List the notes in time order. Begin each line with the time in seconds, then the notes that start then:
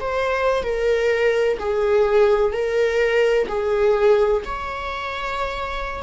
0.00 C5
0.63 A#4
1.60 G#4
2.53 A#4
3.48 G#4
4.45 C#5